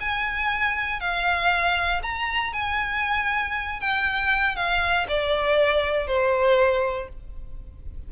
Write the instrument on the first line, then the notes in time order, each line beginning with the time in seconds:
violin
0.00 G#5
1.00 F5
2.02 A#5
2.53 G#5
3.80 G5
4.55 F5
5.08 D5
6.07 C5